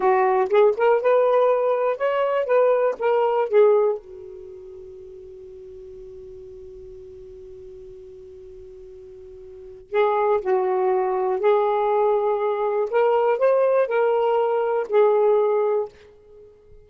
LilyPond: \new Staff \with { instrumentName = "saxophone" } { \time 4/4 \tempo 4 = 121 fis'4 gis'8 ais'8 b'2 | cis''4 b'4 ais'4 gis'4 | fis'1~ | fis'1~ |
fis'1 | gis'4 fis'2 gis'4~ | gis'2 ais'4 c''4 | ais'2 gis'2 | }